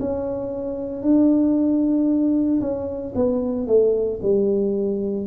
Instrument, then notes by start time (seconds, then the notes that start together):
tuba
0.00 C#4
1.02 D4
2.61 C#4
3.15 B3
3.67 A3
4.22 G3